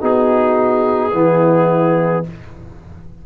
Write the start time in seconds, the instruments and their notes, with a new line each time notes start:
0.00 tuba B3, trombone D#4, horn F#4, trumpet G#4
1.13 tuba E3, trombone B3, horn E4